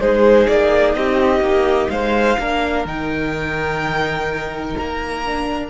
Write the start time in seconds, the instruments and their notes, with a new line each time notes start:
0.00 cello G#3, viola D#4, violin G#4 C5
0.48 cello A#3, violin D5
0.94 cello C4, violin G4 D#5
1.40 cello A#3
1.89 cello G#3, violin C5 F5
2.38 cello A#3, viola D4, violin A#4
2.85 cello D#3, viola D#4, violin G5
4.77 cello A#3, violin A#5
5.24 viola D4